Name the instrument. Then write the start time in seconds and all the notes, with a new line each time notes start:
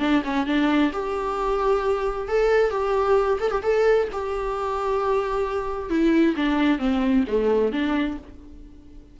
viola
0.00 D4
0.24 C#4
0.47 D4
0.93 G4
2.29 A4
2.71 G4
3.40 A4
3.51 G4
3.63 A4
4.13 G4
5.90 E4
6.36 D4
6.79 C4
7.27 A3
7.72 D4